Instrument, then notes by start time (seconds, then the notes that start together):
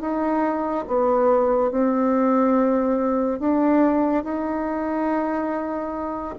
bassoon
0.00 D#4
0.87 B3
1.71 C4
3.39 D4
4.23 D#4